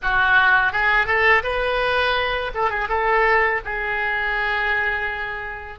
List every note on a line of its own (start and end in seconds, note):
0.02 0.72 F#4
0.72 1.06 G#4
1.06 1.42 A4
1.43 2.51 B4
2.54 2.69 A4
2.69 2.88 G#4
2.88 3.60 A4
3.64 5.78 G#4